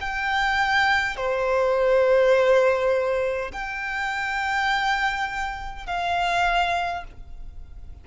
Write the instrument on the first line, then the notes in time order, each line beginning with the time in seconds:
violin
0.00 G5
1.16 C5
3.52 G5
5.86 F5